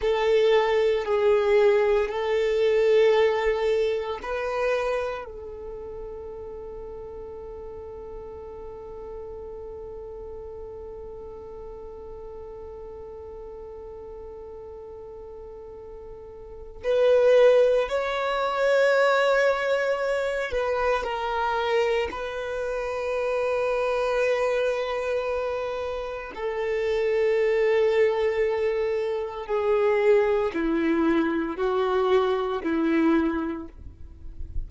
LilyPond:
\new Staff \with { instrumentName = "violin" } { \time 4/4 \tempo 4 = 57 a'4 gis'4 a'2 | b'4 a'2.~ | a'1~ | a'1 |
b'4 cis''2~ cis''8 b'8 | ais'4 b'2.~ | b'4 a'2. | gis'4 e'4 fis'4 e'4 | }